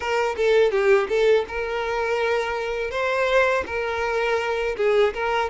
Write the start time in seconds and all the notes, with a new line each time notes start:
0.00 A#4
0.37 A4
0.71 G4
1.08 A4
1.48 A#4
2.90 C5
3.66 A#4
4.77 G#4
5.14 A#4